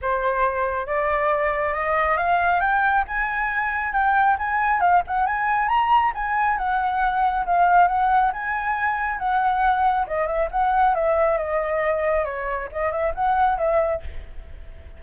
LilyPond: \new Staff \with { instrumentName = "flute" } { \time 4/4 \tempo 4 = 137 c''2 d''2 | dis''4 f''4 g''4 gis''4~ | gis''4 g''4 gis''4 f''8 fis''8 | gis''4 ais''4 gis''4 fis''4~ |
fis''4 f''4 fis''4 gis''4~ | gis''4 fis''2 dis''8 e''8 | fis''4 e''4 dis''2 | cis''4 dis''8 e''8 fis''4 e''4 | }